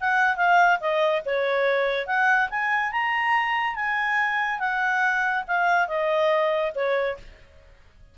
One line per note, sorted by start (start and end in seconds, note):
0.00 0.36 F#5
0.36 0.79 F5
0.80 1.22 D#5
1.25 2.06 C#5
2.06 2.49 F#5
2.50 2.91 G#5
2.91 3.75 A#5
3.75 4.59 G#5
4.59 5.44 F#5
5.47 5.87 F5
5.87 6.72 D#5
6.75 7.17 C#5